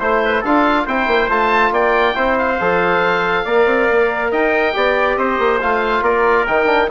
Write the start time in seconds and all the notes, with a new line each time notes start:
0.00 A3 E4 C5
0.25 B4
0.41 D4 F4 A4 F5
0.86 C4 E4 C5 G5
1.07 A#3
1.28 A3 F4 A5
1.72 A#3 D5 G5
2.14 C4 E4 C5
2.39 F5
2.61 F3 A4
3.45 A#3 A#4 D5
3.66 C4
3.91 A#3
4.31 D#4 D#5 G5
4.73 B3 G4 D5
5.17 C4 C5 D#5
5.39 A#3
5.61 A3 F4 F5
6.02 A#3 A#4 D5
6.47 D#3 D#4 G5
6.66 D4